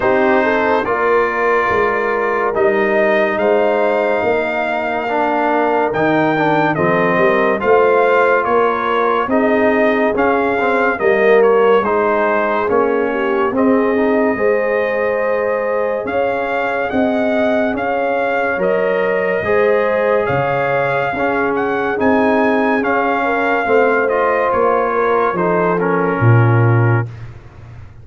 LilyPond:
<<
  \new Staff \with { instrumentName = "trumpet" } { \time 4/4 \tempo 4 = 71 c''4 d''2 dis''4 | f''2. g''4 | dis''4 f''4 cis''4 dis''4 | f''4 dis''8 cis''8 c''4 cis''4 |
dis''2. f''4 | fis''4 f''4 dis''2 | f''4. fis''8 gis''4 f''4~ | f''8 dis''8 cis''4 c''8 ais'4. | }
  \new Staff \with { instrumentName = "horn" } { \time 4/4 g'8 a'8 ais'2. | c''4 ais'2. | a'8 ais'8 c''4 ais'4 gis'4~ | gis'4 ais'4 gis'4. g'8 |
gis'4 c''2 cis''4 | dis''4 cis''2 c''4 | cis''4 gis'2~ gis'8 ais'8 | c''4. ais'8 a'4 f'4 | }
  \new Staff \with { instrumentName = "trombone" } { \time 4/4 dis'4 f'2 dis'4~ | dis'2 d'4 dis'8 d'8 | c'4 f'2 dis'4 | cis'8 c'8 ais4 dis'4 cis'4 |
c'8 dis'8 gis'2.~ | gis'2 ais'4 gis'4~ | gis'4 cis'4 dis'4 cis'4 | c'8 f'4. dis'8 cis'4. | }
  \new Staff \with { instrumentName = "tuba" } { \time 4/4 c'4 ais4 gis4 g4 | gis4 ais2 dis4 | f8 g8 a4 ais4 c'4 | cis'4 g4 gis4 ais4 |
c'4 gis2 cis'4 | c'4 cis'4 fis4 gis4 | cis4 cis'4 c'4 cis'4 | a4 ais4 f4 ais,4 | }
>>